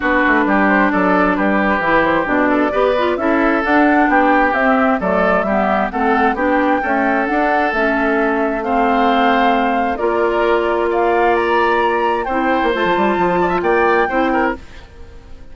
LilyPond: <<
  \new Staff \with { instrumentName = "flute" } { \time 4/4 \tempo 4 = 132 b'4. c''8 d''4 b'4~ | b'8 c''8 d''2 e''4 | fis''4 g''4 e''4 d''4 | e''4 fis''4 g''2 |
fis''4 e''2 f''4~ | f''2 d''2 | f''4 ais''2 g''4 | a''2 g''2 | }
  \new Staff \with { instrumentName = "oboe" } { \time 4/4 fis'4 g'4 a'4 g'4~ | g'4. a'8 b'4 a'4~ | a'4 g'2 a'4 | g'4 a'4 g'4 a'4~ |
a'2. c''4~ | c''2 ais'2 | d''2. c''4~ | c''4. d''16 e''16 d''4 c''8 ais'8 | }
  \new Staff \with { instrumentName = "clarinet" } { \time 4/4 d'1 | e'4 d'4 g'8 f'8 e'4 | d'2 c'4 a4 | b4 c'4 d'4 a4 |
d'4 cis'2 c'4~ | c'2 f'2~ | f'2. e'4 | f'2. e'4 | }
  \new Staff \with { instrumentName = "bassoon" } { \time 4/4 b8 a8 g4 fis4 g4 | e4 b,4 b4 cis'4 | d'4 b4 c'4 fis4 | g4 a4 b4 cis'4 |
d'4 a2.~ | a2 ais2~ | ais2. c'8. ais16 | a16 f16 g8 f4 ais4 c'4 | }
>>